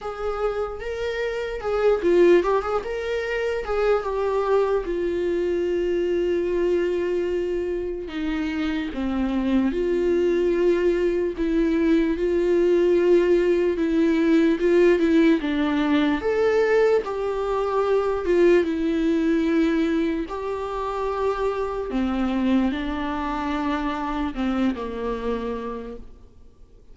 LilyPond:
\new Staff \with { instrumentName = "viola" } { \time 4/4 \tempo 4 = 74 gis'4 ais'4 gis'8 f'8 g'16 gis'16 ais'8~ | ais'8 gis'8 g'4 f'2~ | f'2 dis'4 c'4 | f'2 e'4 f'4~ |
f'4 e'4 f'8 e'8 d'4 | a'4 g'4. f'8 e'4~ | e'4 g'2 c'4 | d'2 c'8 ais4. | }